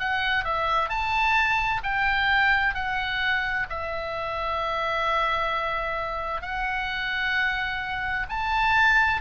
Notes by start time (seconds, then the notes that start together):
0.00 F#5
0.45 E5
0.89 A5
1.83 G5
2.75 F#5
3.70 E5
6.42 F#5
8.30 A5